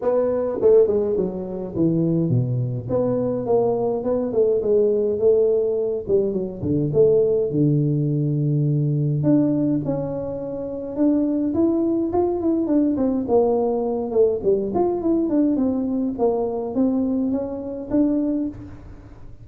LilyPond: \new Staff \with { instrumentName = "tuba" } { \time 4/4 \tempo 4 = 104 b4 a8 gis8 fis4 e4 | b,4 b4 ais4 b8 a8 | gis4 a4. g8 fis8 d8 | a4 d2. |
d'4 cis'2 d'4 | e'4 f'8 e'8 d'8 c'8 ais4~ | ais8 a8 g8 f'8 e'8 d'8 c'4 | ais4 c'4 cis'4 d'4 | }